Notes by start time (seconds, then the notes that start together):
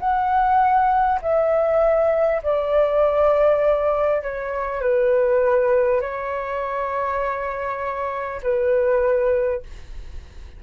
0.00 F#5
1.22 E5
2.43 D5
4.22 C#5
4.82 B4
6.01 C#5
8.43 B4